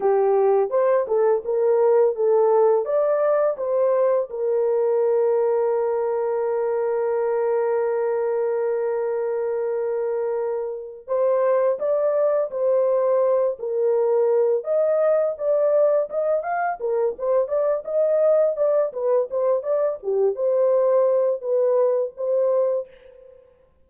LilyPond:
\new Staff \with { instrumentName = "horn" } { \time 4/4 \tempo 4 = 84 g'4 c''8 a'8 ais'4 a'4 | d''4 c''4 ais'2~ | ais'1~ | ais'2.~ ais'8 c''8~ |
c''8 d''4 c''4. ais'4~ | ais'8 dis''4 d''4 dis''8 f''8 ais'8 | c''8 d''8 dis''4 d''8 b'8 c''8 d''8 | g'8 c''4. b'4 c''4 | }